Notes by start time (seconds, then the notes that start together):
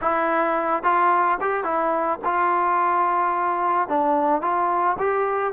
0.01 E4
0.83 F4
1.41 G4
1.63 E4
2.24 F4
3.88 D4
4.41 F4
4.98 G4